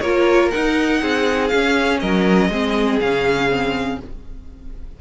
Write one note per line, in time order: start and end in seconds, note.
0.00 0.51 A#3
0.00 0.52 F4
0.00 1.00 A#4
0.00 0.50 C#5
0.50 1.51 D#4
0.50 1.02 D#4
0.50 1.48 F#5
1.01 1.51 C4
1.01 2.00 G#4
1.48 2.51 C#4
1.48 2.02 C#4
1.48 1.97 F5
2.00 2.49 F#3
2.00 2.50 A#4
2.00 2.99 D#5
2.49 2.98 G#3
2.49 3.00 C4
2.49 4.00 G#4
3.00 4.00 C#3
3.00 3.49 C#4
3.00 3.99 F5
3.49 3.98 C4